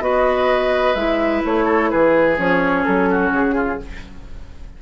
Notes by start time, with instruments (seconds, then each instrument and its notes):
0.00 bassoon B3, clarinet F#4, oboe B4, flute D#5
0.94 bassoon G#3, clarinet E4, flute E5
1.45 bassoon A3, flute C#5
1.65 oboe A4
1.90 bassoon E3, oboe G#4, flute B4
2.36 bassoon F3, clarinet C#4, flute C#5
2.84 bassoon F#3, flute A4
3.10 oboe F#4
3.30 bassoon C#3, flute G#4
3.54 oboe F4